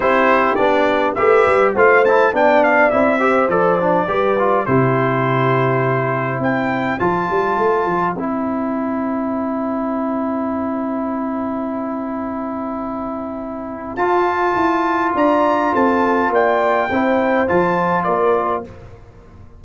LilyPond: <<
  \new Staff \with { instrumentName = "trumpet" } { \time 4/4 \tempo 4 = 103 c''4 d''4 e''4 f''8 a''8 | g''8 f''8 e''4 d''2 | c''2. g''4 | a''2 g''2~ |
g''1~ | g''1 | a''2 ais''4 a''4 | g''2 a''4 d''4 | }
  \new Staff \with { instrumentName = "horn" } { \time 4/4 g'2 b'4 c''4 | d''4. c''4. b'4 | g'2. c''4~ | c''1~ |
c''1~ | c''1~ | c''2 d''4 a'4 | d''4 c''2 ais'4 | }
  \new Staff \with { instrumentName = "trombone" } { \time 4/4 e'4 d'4 g'4 f'8 e'8 | d'4 e'8 g'8 a'8 d'8 g'8 f'8 | e'1 | f'2 e'2~ |
e'1~ | e'1 | f'1~ | f'4 e'4 f'2 | }
  \new Staff \with { instrumentName = "tuba" } { \time 4/4 c'4 b4 a8 g8 a4 | b4 c'4 f4 g4 | c2. c'4 | f8 g8 a8 f8 c'2~ |
c'1~ | c'1 | f'4 e'4 d'4 c'4 | ais4 c'4 f4 ais4 | }
>>